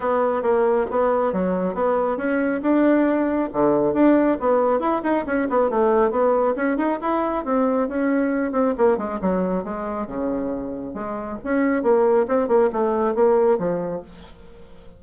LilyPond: \new Staff \with { instrumentName = "bassoon" } { \time 4/4 \tempo 4 = 137 b4 ais4 b4 fis4 | b4 cis'4 d'2 | d4 d'4 b4 e'8 dis'8 | cis'8 b8 a4 b4 cis'8 dis'8 |
e'4 c'4 cis'4. c'8 | ais8 gis8 fis4 gis4 cis4~ | cis4 gis4 cis'4 ais4 | c'8 ais8 a4 ais4 f4 | }